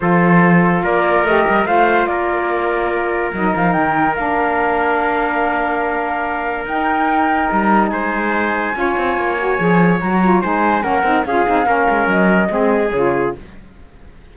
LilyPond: <<
  \new Staff \with { instrumentName = "flute" } { \time 4/4 \tempo 4 = 144 c''2 d''4 dis''4 | f''4 d''2. | dis''8 f''8 g''4 f''2~ | f''1 |
g''2 ais''4 gis''4~ | gis''1 | ais''4 gis''4 fis''4 f''4~ | f''4 dis''2 cis''4 | }
  \new Staff \with { instrumentName = "trumpet" } { \time 4/4 a'2 ais'2 | c''4 ais'2.~ | ais'1~ | ais'1~ |
ais'2. c''4~ | c''4 cis''2.~ | cis''4 c''4 ais'4 gis'4 | ais'2 gis'2 | }
  \new Staff \with { instrumentName = "saxophone" } { \time 4/4 f'2. g'4 | f'1 | dis'2 d'2~ | d'1 |
dis'1~ | dis'4 f'4. fis'8 gis'4 | fis'8 f'8 dis'4 cis'8 dis'8 f'8 dis'8 | cis'2 c'4 f'4 | }
  \new Staff \with { instrumentName = "cello" } { \time 4/4 f2 ais4 a8 g8 | a4 ais2. | fis8 f8 dis4 ais2~ | ais1 |
dis'2 g4 gis4~ | gis4 cis'8 c'8 ais4 f4 | fis4 gis4 ais8 c'8 cis'8 c'8 | ais8 gis8 fis4 gis4 cis4 | }
>>